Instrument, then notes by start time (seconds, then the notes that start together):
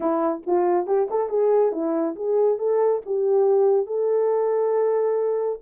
horn
0.00 E4
0.46 F4
0.87 G4
1.10 A4
1.29 G#4
1.72 E4
2.15 G#4
2.58 A4
3.05 G4
3.86 A4